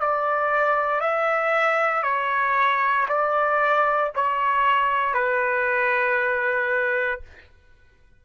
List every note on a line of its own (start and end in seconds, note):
0.00 1.00 D5
1.00 2.03 E5
2.03 3.06 C#5
3.08 4.12 D5
4.15 5.14 C#5
5.14 7.21 B4